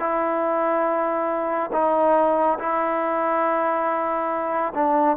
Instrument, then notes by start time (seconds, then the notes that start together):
trombone
0.00 E4
1.73 D#4
2.59 E4
4.75 D4